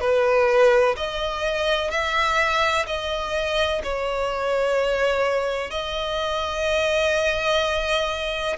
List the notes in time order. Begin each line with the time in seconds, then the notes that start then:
0.00 B4
0.97 D#5
1.90 E5
2.86 D#5
3.83 C#5
5.71 D#5